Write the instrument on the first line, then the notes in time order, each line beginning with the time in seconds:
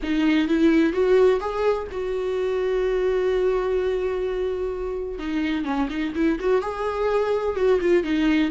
viola
0.02 D#4
0.47 E4
0.92 F#4
1.40 G#4
1.91 F#4
5.18 D#4
5.65 C#4
5.89 D#4
6.15 E4
6.39 F#4
6.61 G#4
7.55 F#4
7.80 F4
8.03 D#4